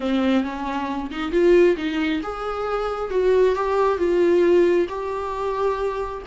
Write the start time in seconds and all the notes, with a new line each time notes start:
0.00 C4
0.43 C#4
1.10 D#4
1.31 F4
1.77 D#4
2.22 G#4
3.10 F#4
3.55 G4
3.98 F4
4.88 G4